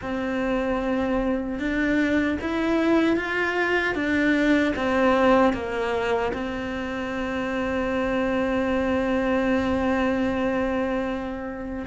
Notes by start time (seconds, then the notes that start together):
0.01 C4
1.59 D4
2.41 E4
3.16 F4
3.94 D4
4.75 C4
5.53 A#3
6.33 C4